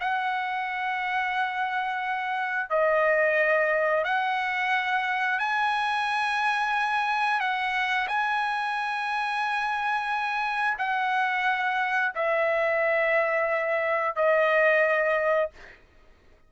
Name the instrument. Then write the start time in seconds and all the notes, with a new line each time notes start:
trumpet
0.00 F#5
2.70 D#5
4.04 F#5
5.39 G#5
7.40 F#5
8.08 G#5
10.78 F#5
12.15 E5
14.16 D#5